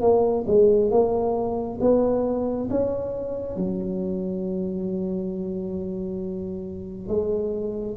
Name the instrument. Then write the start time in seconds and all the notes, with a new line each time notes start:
tuba
0.00 A#3
0.47 G#3
0.90 A#3
1.80 B3
2.70 C#4
3.56 F#3
7.08 G#3